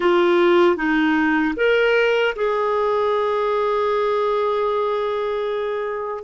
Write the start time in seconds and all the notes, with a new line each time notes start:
0.00 F4
0.76 D#4
1.56 A#4
2.35 G#4